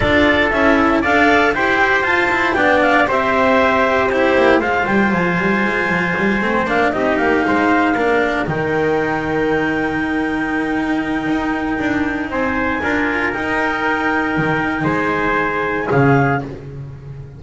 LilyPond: <<
  \new Staff \with { instrumentName = "clarinet" } { \time 4/4 \tempo 4 = 117 d''4 e''4 f''4 g''4 | a''4 g''8 f''8 e''2 | c''4 f''8 g''8 gis''2~ | gis''4 f''8 dis''8 f''2~ |
f''8 g''2.~ g''8~ | g''1 | gis''2 g''2~ | g''4 gis''2 f''4 | }
  \new Staff \with { instrumentName = "trumpet" } { \time 4/4 a'2 d''4 c''4~ | c''4 d''4 c''2 | g'4 c''2.~ | c''4. g'4 c''4 ais'8~ |
ais'1~ | ais'1 | c''4 ais'2.~ | ais'4 c''2 gis'4 | }
  \new Staff \with { instrumentName = "cello" } { \time 4/4 f'4 e'4 a'4 g'4 | f'8 e'8 d'4 g'2 | e'4 f'2.~ | f'8 c'8 d'8 dis'2 d'8~ |
d'8 dis'2.~ dis'8~ | dis'1~ | dis'4 f'4 dis'2~ | dis'2. cis'4 | }
  \new Staff \with { instrumentName = "double bass" } { \time 4/4 d'4 cis'4 d'4 e'4 | f'4 b4 c'2~ | c'8 ais8 gis8 g8 f8 g8 gis8 f8 | g8 a8 ais8 c'8 ais8 gis4 ais8~ |
ais8 dis2.~ dis8~ | dis2 dis'4 d'4 | c'4 d'4 dis'2 | dis4 gis2 cis4 | }
>>